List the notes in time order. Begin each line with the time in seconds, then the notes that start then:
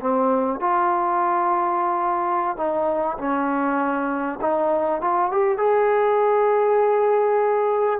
0.00 C4
0.60 F4
2.57 D#4
3.18 C#4
4.41 D#4
5.01 F4
5.31 G4
5.57 G#4